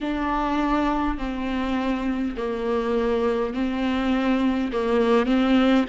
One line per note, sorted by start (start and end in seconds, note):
0.01 1.18 D4
1.18 2.35 C4
2.36 3.53 A#3
3.53 4.71 C4
4.72 5.26 A#3
5.26 5.84 C4